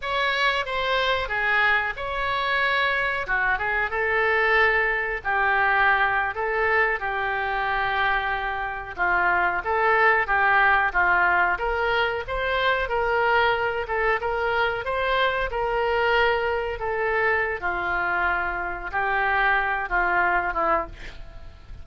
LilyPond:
\new Staff \with { instrumentName = "oboe" } { \time 4/4 \tempo 4 = 92 cis''4 c''4 gis'4 cis''4~ | cis''4 fis'8 gis'8 a'2 | g'4.~ g'16 a'4 g'4~ g'16~ | g'4.~ g'16 f'4 a'4 g'16~ |
g'8. f'4 ais'4 c''4 ais'16~ | ais'4~ ais'16 a'8 ais'4 c''4 ais'16~ | ais'4.~ ais'16 a'4~ a'16 f'4~ | f'4 g'4. f'4 e'8 | }